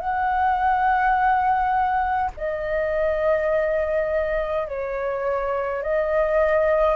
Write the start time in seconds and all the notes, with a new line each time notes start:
0.00 F#5
2.37 D#5
4.68 C#5
5.83 D#5